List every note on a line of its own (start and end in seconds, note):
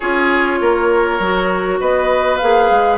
0.00 0.60 C#4
0.00 1.21 F4
0.00 0.59 G#4
0.00 1.79 C#5
0.60 1.19 A#3
0.60 1.80 A#4
1.19 1.79 F#3
1.19 2.41 F#4
1.80 2.41 B3
1.80 2.98 B4
1.80 2.37 D#5
2.37 2.70 A#3
2.37 2.98 G#4
2.37 2.97 F5
2.70 2.98 G#3